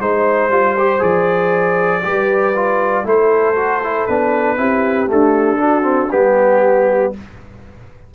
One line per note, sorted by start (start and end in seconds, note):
0.00 0.49 G#3
0.00 0.51 D#4
0.00 1.03 C5
0.00 2.05 C5
0.49 1.00 G3
0.49 0.77 F4
0.78 1.00 G4
1.00 2.05 F3
1.00 2.01 G#4
1.00 3.07 D5
2.03 3.05 G3
2.03 2.54 G4
2.03 3.06 B4
2.56 3.04 F4
3.04 4.06 A3
3.04 3.55 E4
3.04 4.58 A4
3.04 4.07 C5
3.56 3.81 F#4
3.84 4.09 E4
4.07 4.58 B3
4.07 4.57 D4
4.07 5.08 B4
4.57 5.09 C4
4.57 5.07 E4
4.57 5.61 G4
5.07 5.58 A3
5.07 6.13 D4
5.07 6.12 A4
5.58 5.82 D4
5.58 6.12 F#4
5.82 6.08 C4
6.12 7.15 G3
6.12 7.14 B3
6.12 7.13 G4